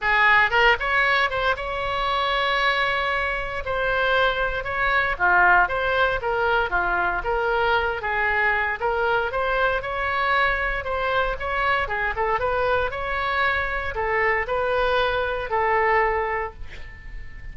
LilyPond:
\new Staff \with { instrumentName = "oboe" } { \time 4/4 \tempo 4 = 116 gis'4 ais'8 cis''4 c''8 cis''4~ | cis''2. c''4~ | c''4 cis''4 f'4 c''4 | ais'4 f'4 ais'4. gis'8~ |
gis'4 ais'4 c''4 cis''4~ | cis''4 c''4 cis''4 gis'8 a'8 | b'4 cis''2 a'4 | b'2 a'2 | }